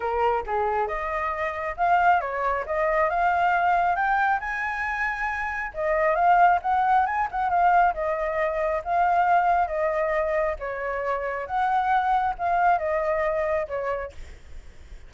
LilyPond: \new Staff \with { instrumentName = "flute" } { \time 4/4 \tempo 4 = 136 ais'4 gis'4 dis''2 | f''4 cis''4 dis''4 f''4~ | f''4 g''4 gis''2~ | gis''4 dis''4 f''4 fis''4 |
gis''8 fis''8 f''4 dis''2 | f''2 dis''2 | cis''2 fis''2 | f''4 dis''2 cis''4 | }